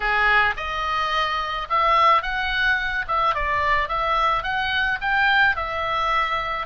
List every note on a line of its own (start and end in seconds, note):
0.00 0.54 G#4
0.57 1.68 D#5
1.69 2.22 E5
2.22 3.05 F#5
3.07 3.34 E5
3.34 3.88 D5
3.88 4.43 E5
4.43 4.98 F#5
5.01 5.56 G5
5.56 6.66 E5